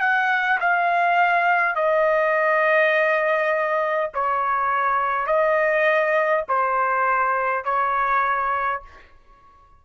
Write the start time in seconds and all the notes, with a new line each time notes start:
0.00 F#5
0.60 F5
1.75 D#5
4.14 C#5
5.26 D#5
6.49 C5
7.64 C#5